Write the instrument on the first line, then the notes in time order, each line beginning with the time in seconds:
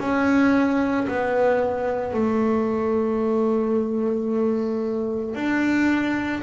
double bass
0.00 C#4
1.08 B3
2.14 A3
5.35 D4